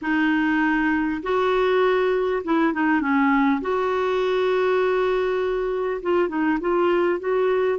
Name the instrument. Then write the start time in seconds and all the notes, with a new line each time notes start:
clarinet
0.01 D#4
1.22 F#4
2.44 E4
2.73 D#4
3.00 C#4
3.61 F#4
6.02 F4
6.28 D#4
6.60 F4
7.19 F#4